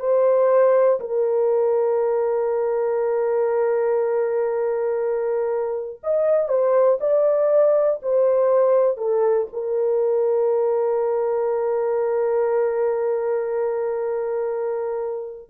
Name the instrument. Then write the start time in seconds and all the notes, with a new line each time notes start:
horn
0.00 C5
1.01 A#4
6.04 D#5
6.49 C5
7.01 D5
8.03 C5
8.98 A4
9.54 A#4